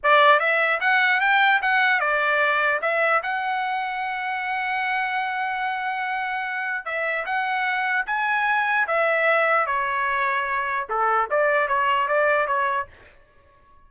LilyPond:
\new Staff \with { instrumentName = "trumpet" } { \time 4/4 \tempo 4 = 149 d''4 e''4 fis''4 g''4 | fis''4 d''2 e''4 | fis''1~ | fis''1~ |
fis''4 e''4 fis''2 | gis''2 e''2 | cis''2. a'4 | d''4 cis''4 d''4 cis''4 | }